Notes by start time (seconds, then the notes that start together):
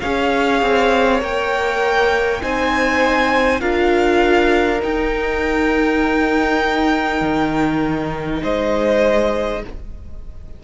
0.00 C#4 G#4 C#5 F5
0.62 C4
1.20 A#3 A#4 G5
2.42 C4 D#4 C5 G#5
3.60 D4 F4 A#4 F5
4.79 D#4 G5
7.21 D#3
8.43 G#3 C5 D#5